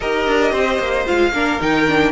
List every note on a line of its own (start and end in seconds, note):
0.00 0.27 D#4
0.00 1.06 G4
0.00 0.51 A#4
0.00 1.07 D#5
0.27 0.52 D4
0.51 0.78 C4
0.51 1.31 C5
0.78 1.05 A#3
1.06 1.32 G#3
1.06 1.32 F4
1.06 1.60 F5
1.32 1.58 A#3
1.32 1.60 D4
1.32 2.11 A#4
1.60 2.11 D#3
1.60 1.86 D#4
1.60 2.11 G5
1.87 2.11 D4